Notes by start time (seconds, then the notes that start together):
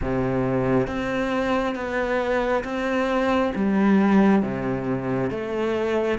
0.01 C3
0.87 C4
1.75 B3
2.64 C4
3.55 G3
4.42 C3
5.30 A3